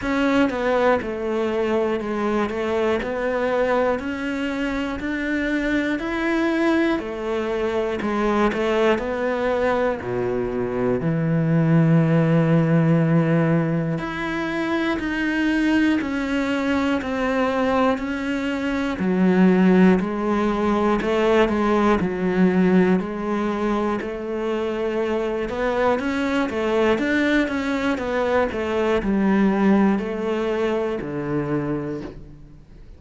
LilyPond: \new Staff \with { instrumentName = "cello" } { \time 4/4 \tempo 4 = 60 cis'8 b8 a4 gis8 a8 b4 | cis'4 d'4 e'4 a4 | gis8 a8 b4 b,4 e4~ | e2 e'4 dis'4 |
cis'4 c'4 cis'4 fis4 | gis4 a8 gis8 fis4 gis4 | a4. b8 cis'8 a8 d'8 cis'8 | b8 a8 g4 a4 d4 | }